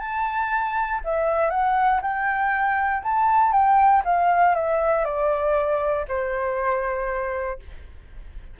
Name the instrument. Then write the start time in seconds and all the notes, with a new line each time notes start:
flute
0.00 A5
1.05 E5
1.50 F#5
2.02 G5
3.03 A5
3.53 G5
4.05 F5
4.55 E5
5.05 D5
6.08 C5